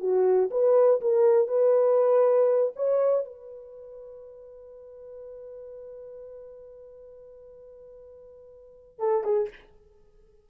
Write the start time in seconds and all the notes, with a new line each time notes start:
0.00 F#4
0.51 B4
1.01 A#4
1.48 B4
2.76 C#5
3.25 B4
8.99 A4
9.24 G#4